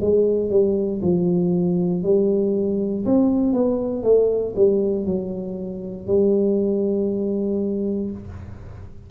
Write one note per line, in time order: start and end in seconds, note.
0.00 0.49 G#3
0.49 1.00 G3
1.02 2.03 F3
2.03 3.05 G3
3.05 3.53 C4
3.53 4.03 B3
4.03 4.53 A3
4.55 5.05 G3
5.05 6.06 F#3
6.07 8.10 G3